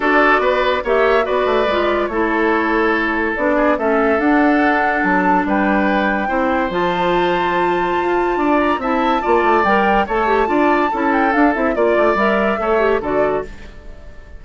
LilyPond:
<<
  \new Staff \with { instrumentName = "flute" } { \time 4/4 \tempo 4 = 143 d''2 e''4 d''4~ | d''4 cis''2. | d''4 e''4 fis''2 | a''4 g''2. |
a''1~ | a''8 ais''8 a''2 g''4 | a''2~ a''8 g''8 f''8 e''8 | d''4 e''2 d''4 | }
  \new Staff \with { instrumentName = "oboe" } { \time 4/4 a'4 b'4 cis''4 b'4~ | b'4 a'2.~ | a'8 gis'8 a'2.~ | a'4 b'2 c''4~ |
c''1 | d''4 e''4 d''2 | cis''4 d''4 a'2 | d''2 cis''4 a'4 | }
  \new Staff \with { instrumentName = "clarinet" } { \time 4/4 fis'2 g'4 fis'4 | f'4 e'2. | d'4 cis'4 d'2~ | d'2. e'4 |
f'1~ | f'4 e'4 f'4 ais'4 | a'8 g'8 f'4 e'4 d'8 e'8 | f'4 ais'4 a'8 g'8 fis'4 | }
  \new Staff \with { instrumentName = "bassoon" } { \time 4/4 d'4 b4 ais4 b8 a8 | gis4 a2. | b4 a4 d'2 | fis4 g2 c'4 |
f2. f'4 | d'4 c'4 ais8 a8 g4 | a4 d'4 cis'4 d'8 c'8 | ais8 a8 g4 a4 d4 | }
>>